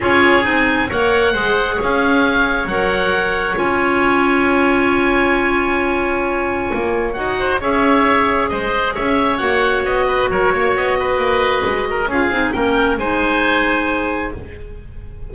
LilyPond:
<<
  \new Staff \with { instrumentName = "oboe" } { \time 4/4 \tempo 4 = 134 cis''4 gis''4 fis''2 | f''2 fis''2 | gis''1~ | gis''1 |
fis''4 e''2 dis''4 | e''4 fis''4 dis''4 cis''4 | dis''2. f''4 | g''4 gis''2. | }
  \new Staff \with { instrumentName = "oboe" } { \time 4/4 gis'2 cis''4 c''4 | cis''1~ | cis''1~ | cis''1~ |
cis''8 c''8 cis''2 c''4 | cis''2~ cis''8 b'8 ais'8 cis''8~ | cis''8 b'2 ais'8 gis'4 | ais'4 c''2. | }
  \new Staff \with { instrumentName = "clarinet" } { \time 4/4 f'4 dis'4 ais'4 gis'4~ | gis'2 ais'2 | f'1~ | f'1 |
fis'4 gis'2.~ | gis'4 fis'2.~ | fis'2. f'8 dis'8 | cis'4 dis'2. | }
  \new Staff \with { instrumentName = "double bass" } { \time 4/4 cis'4 c'4 ais4 gis4 | cis'2 fis2 | cis'1~ | cis'2. ais4 |
dis'4 cis'2 gis4 | cis'4 ais4 b4 fis8 ais8 | b4 ais4 gis4 cis'8 c'8 | ais4 gis2. | }
>>